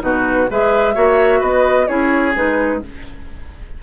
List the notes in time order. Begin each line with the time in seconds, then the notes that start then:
0.00 B2 D#4 F#4 B4
0.49 G#3 G#4 B4 E5
0.94 A#3 F#4 C#5
1.40 B3 B4 D#5
1.87 C#4 E4 G#4 C#5
2.34 G#3 D#4 B4